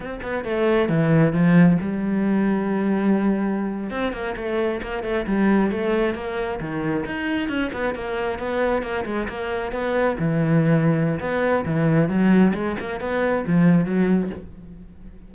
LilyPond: \new Staff \with { instrumentName = "cello" } { \time 4/4 \tempo 4 = 134 c'8 b8 a4 e4 f4 | g1~ | g8. c'8 ais8 a4 ais8 a8 g16~ | g8. a4 ais4 dis4 dis'16~ |
dis'8. cis'8 b8 ais4 b4 ais16~ | ais16 gis8 ais4 b4 e4~ e16~ | e4 b4 e4 fis4 | gis8 ais8 b4 f4 fis4 | }